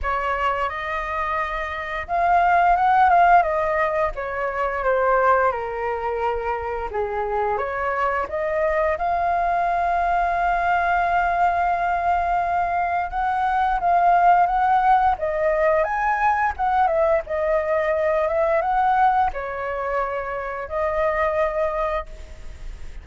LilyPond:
\new Staff \with { instrumentName = "flute" } { \time 4/4 \tempo 4 = 87 cis''4 dis''2 f''4 | fis''8 f''8 dis''4 cis''4 c''4 | ais'2 gis'4 cis''4 | dis''4 f''2.~ |
f''2. fis''4 | f''4 fis''4 dis''4 gis''4 | fis''8 e''8 dis''4. e''8 fis''4 | cis''2 dis''2 | }